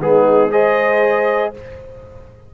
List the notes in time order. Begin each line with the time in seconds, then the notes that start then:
0.00 G#3 B3 D#4 G#4
0.51 G#4 C5 D#5